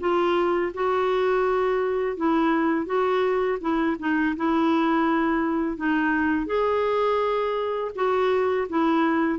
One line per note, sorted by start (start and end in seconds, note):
0.00 0.72 F4
0.74 2.17 F#4
2.17 2.86 E4
2.86 3.58 F#4
3.61 3.97 E4
3.99 4.35 D#4
4.37 5.77 E4
5.77 6.47 D#4
6.47 7.91 G#4
7.95 8.67 F#4
8.69 9.39 E4